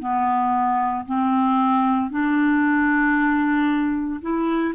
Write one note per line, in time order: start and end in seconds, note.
0.00 1.05 B3
1.06 2.11 C4
2.11 4.21 D4
4.22 4.75 E4